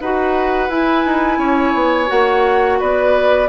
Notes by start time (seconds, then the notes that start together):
0.00 D#4 F#4 B4 F#5
0.69 E4 G#5
1.06 D#4
1.38 C#4 C#5
1.74 B3
2.07 A#3 F#4 F#5
2.80 B3 B4 D5